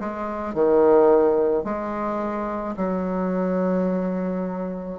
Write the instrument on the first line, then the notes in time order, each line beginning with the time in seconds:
bassoon
0.00 G#3
0.55 D#3
1.65 G#3
2.77 F#3